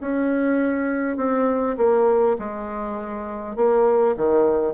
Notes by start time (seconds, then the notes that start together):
0.00 C#4
1.17 C4
1.77 A#3
2.38 G#3
3.56 A#3
4.16 D#3